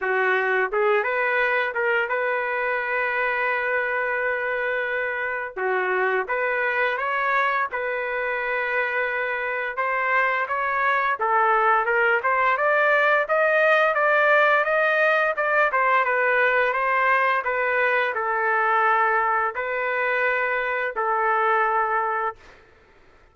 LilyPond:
\new Staff \with { instrumentName = "trumpet" } { \time 4/4 \tempo 4 = 86 fis'4 gis'8 b'4 ais'8 b'4~ | b'1 | fis'4 b'4 cis''4 b'4~ | b'2 c''4 cis''4 |
a'4 ais'8 c''8 d''4 dis''4 | d''4 dis''4 d''8 c''8 b'4 | c''4 b'4 a'2 | b'2 a'2 | }